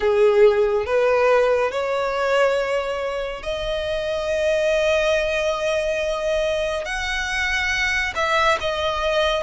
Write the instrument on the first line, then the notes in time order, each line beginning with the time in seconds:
violin
0.00 G#4
0.85 B4
1.71 C#5
3.42 D#5
6.85 F#5
8.15 E5
8.60 D#5